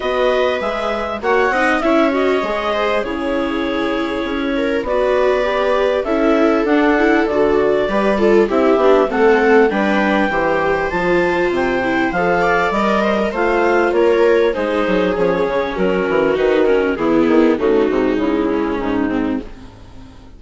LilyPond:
<<
  \new Staff \with { instrumentName = "clarinet" } { \time 4/4 \tempo 4 = 99 dis''4 e''4 fis''4 e''8 dis''8~ | dis''4 cis''2. | d''2 e''4 fis''4 | d''2 e''4 fis''4 |
g''2 a''4 g''4 | f''4 dis''4 f''4 cis''4 | c''4 cis''4 ais'4 b'8 ais'8 | gis'4 fis'4 e'4 dis'4 | }
  \new Staff \with { instrumentName = "viola" } { \time 4/4 b'2 cis''8 dis''8 cis''4~ | cis''8 c''8 gis'2~ gis'8 ais'8 | b'2 a'2~ | a'4 b'8 a'8 g'4 a'4 |
b'4 c''2.~ | c''8 d''4 c''16 ais'16 c''4 ais'4 | gis'2 fis'2 | e'4 dis'4. cis'4 c'8 | }
  \new Staff \with { instrumentName = "viola" } { \time 4/4 fis'4 gis'4 fis'8 dis'8 e'8 fis'8 | gis'4 e'2. | fis'4 g'4 e'4 d'8 e'8 | fis'4 g'8 f'8 e'8 d'8 c'4 |
d'4 g'4 f'4. e'8 | a'4 ais'4 f'2 | dis'4 cis'2 dis'8 cis'8 | b4 a8 gis2~ gis8 | }
  \new Staff \with { instrumentName = "bassoon" } { \time 4/4 b4 gis4 ais8 c'8 cis'4 | gis4 cis2 cis'4 | b2 cis'4 d'4 | d4 g4 c'8 b8 a4 |
g4 e4 f4 c4 | f4 g4 a4 ais4 | gis8 fis8 f8 cis8 fis8 e8 dis4 | e8 dis8 cis8 c8 cis4 gis,4 | }
>>